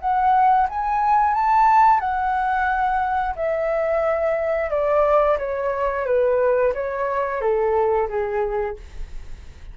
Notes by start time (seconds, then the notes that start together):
0.00 F#5
0.69 G#5
1.34 A5
2.00 F#5
3.36 E5
4.70 D5
5.38 C#5
6.06 B4
6.74 C#5
7.41 A4
8.09 G#4